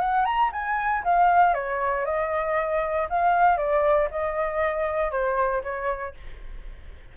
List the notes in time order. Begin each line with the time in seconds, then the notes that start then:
0.00 F#5
0.26 A#5
0.53 G#5
1.04 F5
1.55 C#5
2.06 D#5
3.10 F5
3.58 D5
4.11 D#5
5.11 C5
5.63 C#5